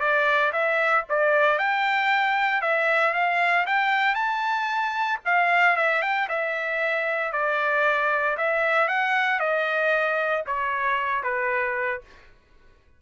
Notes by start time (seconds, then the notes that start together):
0.00 D5
0.52 E5
1.09 D5
1.58 G5
2.61 E5
3.14 F5
3.66 G5
4.15 A5
5.25 F5
5.76 E5
6.02 G5
6.29 E5
7.32 D5
8.37 E5
8.88 F#5
9.39 D#5
10.46 C#5
11.23 B4